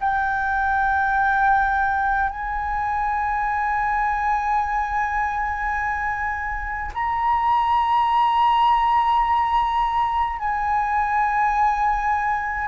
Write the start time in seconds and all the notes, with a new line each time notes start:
0.00 G5
2.29 G#5
6.94 A#5
10.38 G#5